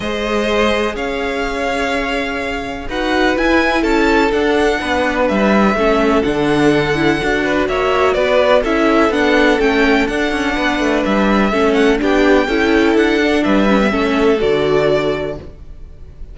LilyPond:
<<
  \new Staff \with { instrumentName = "violin" } { \time 4/4 \tempo 4 = 125 dis''2 f''2~ | f''2 fis''4 gis''4 | a''4 fis''2 e''4~ | e''4 fis''2. |
e''4 d''4 e''4 fis''4 | g''4 fis''2 e''4~ | e''8 fis''8 g''2 fis''4 | e''2 d''2 | }
  \new Staff \with { instrumentName = "violin" } { \time 4/4 c''2 cis''2~ | cis''2 b'2 | a'2 b'2 | a'2.~ a'8 b'8 |
cis''4 b'4 a'2~ | a'2 b'2 | a'4 g'4 a'2 | b'4 a'2. | }
  \new Staff \with { instrumentName = "viola" } { \time 4/4 gis'1~ | gis'2 fis'4 e'4~ | e'4 d'2. | cis'4 d'4. e'8 fis'4~ |
fis'2 e'4 d'4 | cis'4 d'2. | cis'4 d'4 e'4. d'8~ | d'8 cis'16 b16 cis'4 fis'2 | }
  \new Staff \with { instrumentName = "cello" } { \time 4/4 gis2 cis'2~ | cis'2 dis'4 e'4 | cis'4 d'4 b4 g4 | a4 d2 d'4 |
ais4 b4 cis'4 b4 | a4 d'8 cis'8 b8 a8 g4 | a4 b4 cis'4 d'4 | g4 a4 d2 | }
>>